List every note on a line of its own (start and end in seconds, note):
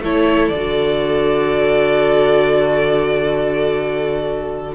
0.00 0.50 A3
0.00 0.54 E4
0.00 4.75 A4
0.00 0.49 C#5
0.49 4.75 D3
0.49 4.74 D5
0.56 4.75 F#4